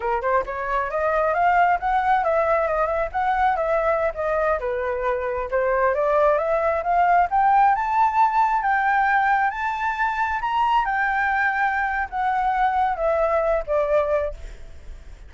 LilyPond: \new Staff \with { instrumentName = "flute" } { \time 4/4 \tempo 4 = 134 ais'8 c''8 cis''4 dis''4 f''4 | fis''4 e''4 dis''8 e''8 fis''4 | e''4~ e''16 dis''4 b'4.~ b'16~ | b'16 c''4 d''4 e''4 f''8.~ |
f''16 g''4 a''2 g''8.~ | g''4~ g''16 a''2 ais''8.~ | ais''16 g''2~ g''8. fis''4~ | fis''4 e''4. d''4. | }